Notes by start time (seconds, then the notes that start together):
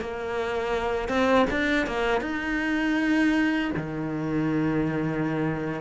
0.00 A#3
1.08 C4
1.50 D4
1.86 A#3
2.21 D#4
3.76 D#3